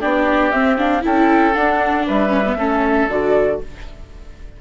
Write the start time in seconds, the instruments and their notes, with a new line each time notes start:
0.00 bassoon B3, viola D4, oboe G4, flute D5
0.51 bassoon C4, viola C4, flute E5
0.78 viola D4, flute F5
1.01 bassoon C#4, viola E4, oboe A4, flute G5
1.54 viola D4, bassoon D4, flute F#5
2.06 bassoon G3, oboe B4, flute E5
2.29 viola C#4
2.46 viola B3
2.55 bassoon A3, viola C#4, oboe A4
3.09 bassoon D3, viola F#4, flute D5